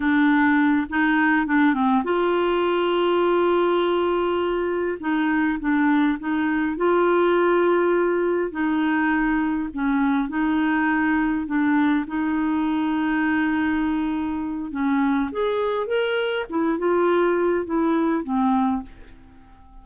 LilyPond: \new Staff \with { instrumentName = "clarinet" } { \time 4/4 \tempo 4 = 102 d'4. dis'4 d'8 c'8 f'8~ | f'1~ | f'8 dis'4 d'4 dis'4 f'8~ | f'2~ f'8 dis'4.~ |
dis'8 cis'4 dis'2 d'8~ | d'8 dis'2.~ dis'8~ | dis'4 cis'4 gis'4 ais'4 | e'8 f'4. e'4 c'4 | }